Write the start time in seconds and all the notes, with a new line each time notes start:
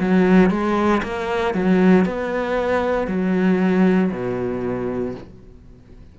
0.00 F#3
0.50 G#3
1.03 A#3
1.54 F#3
2.05 B3
3.08 F#3
4.11 B2